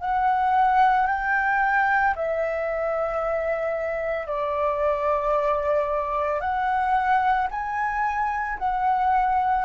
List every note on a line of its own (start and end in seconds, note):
0.00 1.07 F#5
1.07 2.14 G5
2.16 4.27 E5
4.27 6.40 D5
6.40 7.48 F#5
7.51 8.58 G#5
8.59 9.65 F#5